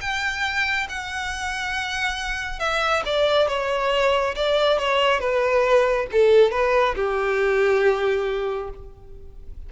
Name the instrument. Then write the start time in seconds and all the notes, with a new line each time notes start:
violin
0.00 G5
0.89 F#5
2.59 E5
3.05 D5
3.47 C#5
4.35 D5
4.78 C#5
5.19 B4
6.11 A4
6.51 B4
6.96 G4